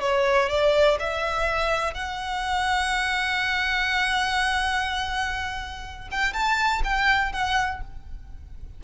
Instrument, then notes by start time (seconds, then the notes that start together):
violin
0.00 C#5
0.49 D5
0.99 E5
1.93 F#5
6.11 G5
6.33 A5
6.84 G5
7.32 F#5